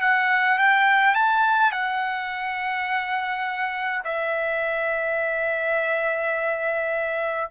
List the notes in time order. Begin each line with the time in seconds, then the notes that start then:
0.00 F#5
0.58 G5
1.14 A5
1.72 F#5
4.04 E5